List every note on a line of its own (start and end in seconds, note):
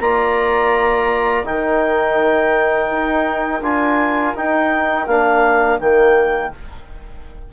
0.00 1.45 A#3
0.00 1.44 F4
0.00 1.46 D5
0.00 1.45 A#5
1.44 2.91 D#3
1.44 3.61 D#4
1.44 6.52 A#4
1.44 3.62 G5
2.91 3.61 D#4
3.61 4.34 D4
3.61 4.35 F4
3.61 4.35 G#5
4.35 5.07 D#4
4.35 5.07 G5
5.07 5.79 A#3
5.07 5.80 D4
5.07 5.79 F5
5.80 6.52 D#3
5.80 6.52 A#3
5.80 6.52 G5